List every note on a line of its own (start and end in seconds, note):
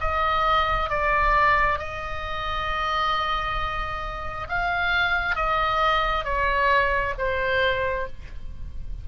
0.00 0.90 D#5
0.90 1.79 D5
1.79 4.47 D#5
4.49 5.36 F5
5.36 6.24 D#5
6.24 7.14 C#5
7.18 8.07 C5